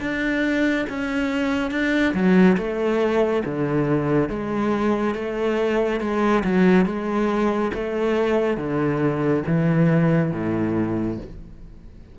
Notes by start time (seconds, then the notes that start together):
0.00 D4
0.89 C#4
1.70 D4
2.14 F#3
2.57 A3
3.45 D3
4.29 G#3
5.15 A3
6.00 G#3
6.44 F#3
6.85 G#3
7.74 A3
8.57 D3
9.46 E3
10.32 A2